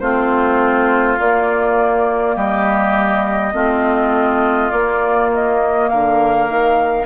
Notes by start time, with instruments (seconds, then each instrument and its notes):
0.00 bassoon A3, clarinet C4, oboe F4, flute C5
1.19 bassoon A#3, clarinet A#3, flute D5
2.36 bassoon G3, oboe G4, flute D#5
3.53 bassoon A3, clarinet C4, oboe F4
4.71 bassoon A#3, clarinet A#3, flute D5
5.34 flute D#5
5.89 bassoon D3, oboe A#4, flute F5
6.49 bassoon D#3